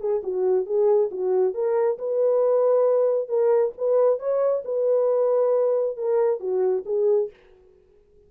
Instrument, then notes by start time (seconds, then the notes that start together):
horn
0.00 G#4
0.23 F#4
0.66 G#4
1.11 F#4
1.54 A#4
1.98 B4
3.28 A#4
3.77 B4
4.19 C#5
4.65 B4
5.97 A#4
6.40 F#4
6.86 G#4